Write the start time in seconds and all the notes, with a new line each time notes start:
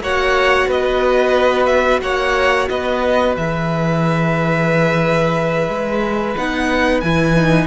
0.00 A#3 F#4 C#5 F#5
0.67 B3 B4 D#5
1.66 E5
2.01 A#3 C#5 F#5
2.69 B3 B4 D#5
3.36 E3 G#4 E5
5.68 G#3
6.36 B3 D#4 F#5
7.00 E3 E4 G#5
7.36 D#4